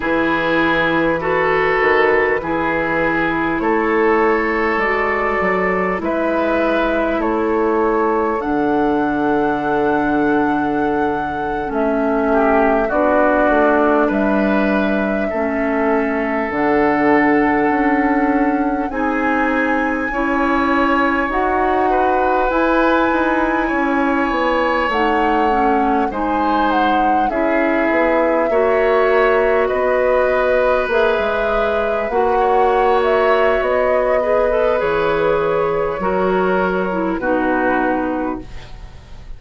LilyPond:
<<
  \new Staff \with { instrumentName = "flute" } { \time 4/4 \tempo 4 = 50 b'2. cis''4 | d''4 e''4 cis''4 fis''4~ | fis''4.~ fis''16 e''4 d''4 e''16~ | e''4.~ e''16 fis''2 gis''16~ |
gis''4.~ gis''16 fis''4 gis''4~ gis''16~ | gis''8. fis''4 gis''8 fis''8 e''4~ e''16~ | e''8. dis''4 e''4 fis''8. e''8 | dis''4 cis''2 b'4 | }
  \new Staff \with { instrumentName = "oboe" } { \time 4/4 gis'4 a'4 gis'4 a'4~ | a'4 b'4 a'2~ | a'2~ a'16 g'8 fis'4 b'16~ | b'8. a'2. gis'16~ |
gis'8. cis''4. b'4. cis''16~ | cis''4.~ cis''16 c''4 gis'4 cis''16~ | cis''8. b'2~ b'16 cis''4~ | cis''8 b'4. ais'4 fis'4 | }
  \new Staff \with { instrumentName = "clarinet" } { \time 4/4 e'4 fis'4 e'2 | fis'4 e'2 d'4~ | d'4.~ d'16 cis'4 d'4~ d'16~ | d'8. cis'4 d'2 dis'16~ |
dis'8. e'4 fis'4 e'4~ e'16~ | e'8. dis'8 cis'8 dis'4 e'4 fis'16~ | fis'4.~ fis'16 gis'4 fis'4~ fis'16~ | fis'8 gis'16 a'16 gis'4 fis'8. e'16 dis'4 | }
  \new Staff \with { instrumentName = "bassoon" } { \time 4/4 e4. dis8 e4 a4 | gis8 fis8 gis4 a4 d4~ | d4.~ d16 a4 b8 a8 g16~ | g8. a4 d4 cis'4 c'16~ |
c'8. cis'4 dis'4 e'8 dis'8 cis'16~ | cis'16 b8 a4 gis4 cis'8 b8 ais16~ | ais8. b4 ais16 gis8. ais4~ ais16 | b4 e4 fis4 b,4 | }
>>